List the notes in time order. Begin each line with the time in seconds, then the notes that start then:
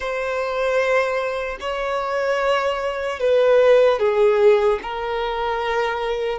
0.00 C5
1.60 C#5
3.19 B4
3.99 G#4
4.82 A#4